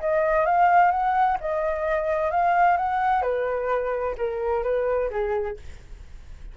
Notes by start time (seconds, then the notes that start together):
0.00 D#5
0.46 F5
0.91 F#5
1.41 D#5
2.31 F5
2.77 F#5
3.22 B4
4.18 A#4
4.63 B4
5.10 G#4